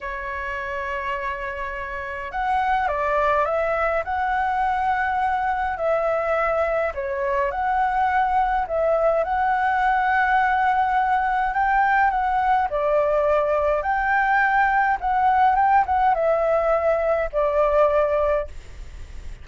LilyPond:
\new Staff \with { instrumentName = "flute" } { \time 4/4 \tempo 4 = 104 cis''1 | fis''4 d''4 e''4 fis''4~ | fis''2 e''2 | cis''4 fis''2 e''4 |
fis''1 | g''4 fis''4 d''2 | g''2 fis''4 g''8 fis''8 | e''2 d''2 | }